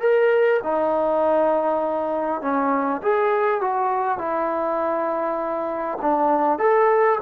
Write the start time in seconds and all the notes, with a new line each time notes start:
0.00 A#4
0.63 D#4
2.41 C#4
3.02 G#4
3.61 F#4
4.18 E4
6.01 D4
6.59 A4